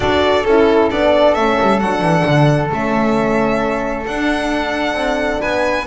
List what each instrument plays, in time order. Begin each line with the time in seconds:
0.00 double bass D4, horn F#4, flute A4, violin D5
0.44 double bass C#4, horn E4, violin A4
0.90 double bass B3, horn D4, violin D5
1.34 double bass A3, horn C#4, violin E5
1.60 double bass G3
1.79 double bass F#3, horn D4, violin F#5
2.01 double bass E3
2.25 double bass D3
2.70 double bass A3, horn C#4, violin E5
4.06 double bass D4, horn D4, violin F#5
4.93 double bass C4
5.40 double bass B3, flute B4, violin G#5